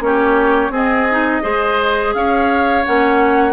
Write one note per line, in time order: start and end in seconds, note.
0.00 0.70 A#3
0.00 0.71 C#4
0.00 0.72 G4
0.00 0.74 C#5
0.70 1.40 C4
0.70 1.07 C4
0.70 1.42 G#4
0.70 2.14 D#5
1.10 1.42 D#4
1.42 2.14 G#3
1.42 2.83 G#4
1.42 2.14 C5
2.14 2.85 C#4
2.14 3.53 C#5
2.14 2.85 F5
2.85 3.53 A#3
2.85 3.53 C#4
2.85 3.53 F#5